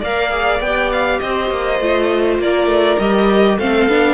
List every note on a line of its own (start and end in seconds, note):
0.00 0.60 A#3
0.00 0.30 A#4
0.00 1.19 D5
0.00 0.61 F5
0.30 0.60 G#4
0.60 1.19 B3
0.60 1.81 G4
0.60 0.90 G5
0.92 1.19 F5
1.19 1.50 C4
1.19 2.42 C5
1.19 2.38 D#5
1.50 1.79 A#3
1.79 2.39 A3
1.79 3.00 F4
2.39 2.67 A#3
2.39 3.57 A#4
2.39 2.99 D5
2.67 2.96 A3
2.98 3.58 G3
2.98 3.59 G4
2.98 3.58 D#5
3.57 3.88 A3
3.57 3.88 C4
3.57 4.13 A4
3.57 4.13 F5
3.88 4.13 B3
3.88 4.13 D4